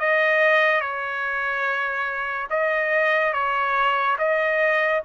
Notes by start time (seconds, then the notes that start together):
0.00 D#5
0.81 C#5
2.50 D#5
3.34 C#5
4.19 D#5